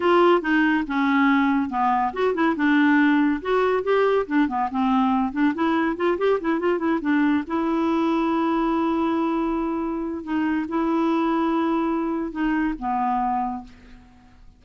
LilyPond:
\new Staff \with { instrumentName = "clarinet" } { \time 4/4 \tempo 4 = 141 f'4 dis'4 cis'2 | b4 fis'8 e'8 d'2 | fis'4 g'4 d'8 b8 c'4~ | c'8 d'8 e'4 f'8 g'8 e'8 f'8 |
e'8 d'4 e'2~ e'8~ | e'1 | dis'4 e'2.~ | e'4 dis'4 b2 | }